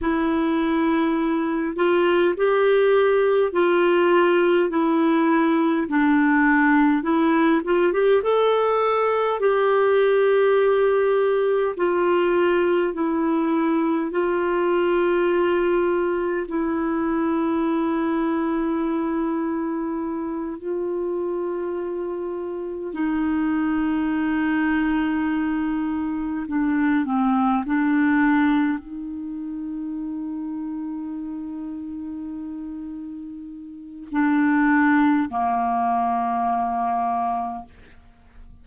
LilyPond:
\new Staff \with { instrumentName = "clarinet" } { \time 4/4 \tempo 4 = 51 e'4. f'8 g'4 f'4 | e'4 d'4 e'8 f'16 g'16 a'4 | g'2 f'4 e'4 | f'2 e'2~ |
e'4. f'2 dis'8~ | dis'2~ dis'8 d'8 c'8 d'8~ | d'8 dis'2.~ dis'8~ | dis'4 d'4 ais2 | }